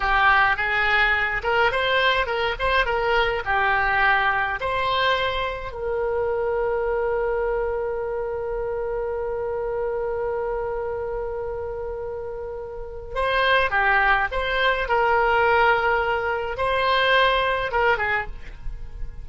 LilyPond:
\new Staff \with { instrumentName = "oboe" } { \time 4/4 \tempo 4 = 105 g'4 gis'4. ais'8 c''4 | ais'8 c''8 ais'4 g'2 | c''2 ais'2~ | ais'1~ |
ais'1~ | ais'2. c''4 | g'4 c''4 ais'2~ | ais'4 c''2 ais'8 gis'8 | }